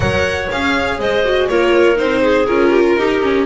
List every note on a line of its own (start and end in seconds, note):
0.00 0.48 F#3
0.00 0.48 A#4
0.00 1.00 C#5
0.00 0.49 F#5
0.50 0.99 C#4
0.50 1.24 G#4
0.50 1.00 F5
0.99 1.48 G#3
0.99 1.49 C5
0.99 1.48 D#5
1.24 1.49 F#4
1.48 1.99 A#3
1.48 1.95 F4
1.48 2.22 A#4
1.48 1.97 C#5
1.95 2.48 C4
1.95 2.45 D#4
1.95 2.46 C5
2.22 2.70 G#4
2.46 2.96 C#4
2.46 2.97 F4
2.46 3.45 A#4
2.70 2.82 G4
2.86 2.98 F4
2.96 3.46 D#4
2.96 3.21 D#4
2.96 3.46 G4
3.21 3.46 C#4